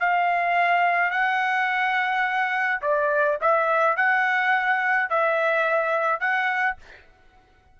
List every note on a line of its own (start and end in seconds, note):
0.00 1.11 F5
1.11 2.81 F#5
2.82 3.38 D5
3.41 3.97 E5
3.97 5.09 F#5
5.09 6.20 E5
6.20 6.77 F#5